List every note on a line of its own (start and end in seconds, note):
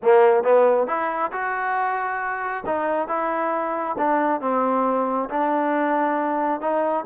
0.02 0.43 A#3
0.43 0.87 B3
0.87 1.31 E4
1.31 2.64 F#4
2.66 3.08 D#4
3.08 3.96 E4
3.97 4.40 D4
4.40 5.29 C4
5.29 6.60 D4
6.60 7.04 D#4